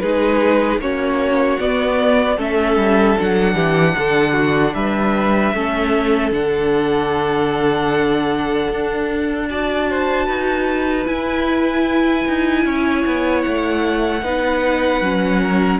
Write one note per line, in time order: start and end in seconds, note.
0.00 0.78 G#3
0.00 0.80 D#4
0.00 0.81 G#4
0.00 0.79 B4
0.78 1.57 A#3
0.78 1.59 C#4
0.78 2.37 F#4
0.78 1.59 C#5
1.59 2.37 B3
1.59 2.38 B3
1.59 2.38 D5
2.37 2.76 A3
2.37 3.17 C#4
2.37 3.54 A4
2.37 3.19 E5
2.76 3.15 G3
3.18 3.54 F#3
3.18 5.55 D4
3.18 4.74 F#5
3.54 3.94 E3
3.54 3.94 G4
3.98 4.74 D3
3.98 4.33 A4
4.33 4.72 F#4
4.74 5.53 G3
4.74 5.54 B4
4.74 6.32 E5
5.54 6.31 A3
5.54 6.32 C#4
5.54 9.49 A4
6.31 8.68 D3
6.31 9.48 D4
6.31 9.49 F#5
8.69 10.27 D4
9.49 11.05 F#4
9.49 9.89 D5
9.49 11.06 A5
9.89 10.25 C5
10.25 11.06 D#4
10.25 12.62 B4
11.05 14.21 E4
11.05 12.25 E4
11.05 13.41 G#5
12.28 12.65 D#4
12.65 13.04 C#4
12.65 14.23 C#5
13.06 13.45 B3
13.41 14.22 A3
13.41 15.78 F#5
14.22 15.01 B3
14.22 15.02 D#4
14.22 15.41 B4
15.01 15.80 F#3
15.01 15.80 C#4
15.41 15.80 A#4